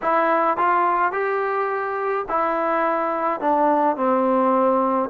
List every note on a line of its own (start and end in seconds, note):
0.02 0.57 E4
0.57 1.12 F4
1.12 2.25 G4
2.28 3.40 E4
3.40 3.96 D4
3.96 5.09 C4